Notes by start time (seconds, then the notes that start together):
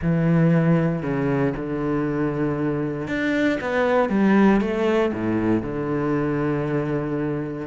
0.02 E3
1.02 C#3
1.56 D3
3.07 D4
3.60 B3
4.09 G3
4.60 A3
5.13 A2
5.62 D3